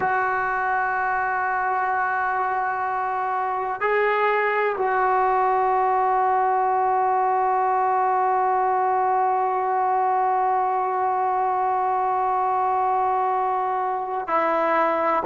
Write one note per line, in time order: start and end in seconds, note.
0.00 3.81 F#4
3.81 4.76 G#4
4.77 14.27 F#4
14.27 15.23 E4